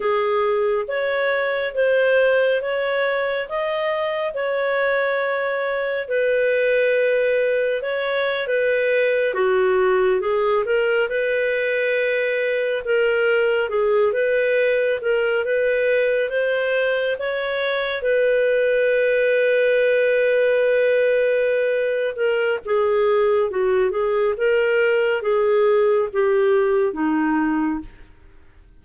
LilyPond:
\new Staff \with { instrumentName = "clarinet" } { \time 4/4 \tempo 4 = 69 gis'4 cis''4 c''4 cis''4 | dis''4 cis''2 b'4~ | b'4 cis''8. b'4 fis'4 gis'16~ | gis'16 ais'8 b'2 ais'4 gis'16~ |
gis'16 b'4 ais'8 b'4 c''4 cis''16~ | cis''8. b'2.~ b'16~ | b'4. ais'8 gis'4 fis'8 gis'8 | ais'4 gis'4 g'4 dis'4 | }